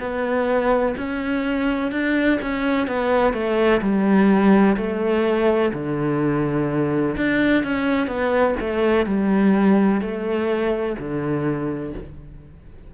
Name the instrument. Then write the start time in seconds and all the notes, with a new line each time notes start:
cello
0.00 B3
0.97 C#4
1.92 D4
2.42 C#4
2.87 B3
3.33 A3
3.81 G3
4.77 A3
5.73 D3
7.17 D4
7.64 C#4
8.07 B3
8.60 A3
9.06 G3
10.02 A3
10.99 D3